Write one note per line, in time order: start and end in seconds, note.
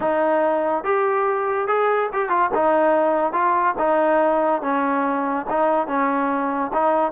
0.00 0.84 D#4
0.84 1.67 G4
1.67 2.09 G#4
2.13 2.29 G4
2.29 2.50 F4
2.54 3.32 D#4
3.32 3.74 F4
3.78 4.62 D#4
4.62 5.46 C#4
5.49 5.87 D#4
5.87 6.71 C#4
6.73 7.12 D#4